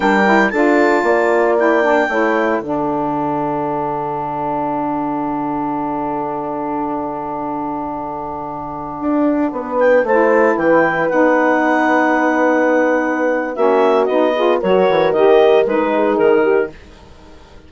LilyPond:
<<
  \new Staff \with { instrumentName = "clarinet" } { \time 4/4 \tempo 4 = 115 g''4 a''2 g''4~ | g''4 fis''2.~ | fis''1~ | fis''1~ |
fis''2~ fis''8. g''8 a''8.~ | a''16 g''4 fis''2~ fis''8.~ | fis''2 e''4 dis''4 | cis''4 dis''4 b'4 ais'4 | }
  \new Staff \with { instrumentName = "horn" } { \time 4/4 ais'4 a'4 d''2 | cis''4 a'2.~ | a'1~ | a'1~ |
a'2~ a'16 b'4 c''8.~ | c''16 b'2.~ b'8.~ | b'2 fis'4. gis'8 | ais'2~ ais'8 gis'4 g'8 | }
  \new Staff \with { instrumentName = "saxophone" } { \time 4/4 d'8 e'8 f'2 e'8 d'8 | e'4 d'2.~ | d'1~ | d'1~ |
d'2.~ d'16 e'8.~ | e'4~ e'16 dis'2~ dis'8.~ | dis'2 cis'4 dis'8 f'8 | fis'4 g'4 dis'2 | }
  \new Staff \with { instrumentName = "bassoon" } { \time 4/4 g4 d'4 ais2 | a4 d2.~ | d1~ | d1~ |
d4~ d16 d'4 b4 a8.~ | a16 e4 b2~ b8.~ | b2 ais4 b4 | fis8 e8 dis4 gis4 dis4 | }
>>